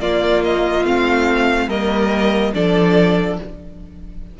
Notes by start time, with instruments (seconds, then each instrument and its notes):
0.00 cello A#3, viola A#3, violin F4 D5
0.43 violin D#5
0.84 cello A3, viola C4, violin F5
1.67 cello G3, viola A#3, violin A#4 D#5
2.54 cello F3, viola D4, violin A4 D5